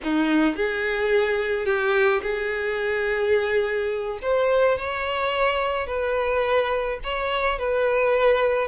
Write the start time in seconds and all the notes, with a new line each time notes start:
0.03 D#4
0.56 G#4
1.65 G4
2.23 G#4
4.22 C5
4.77 C#5
5.86 B4
7.03 C#5
7.59 B4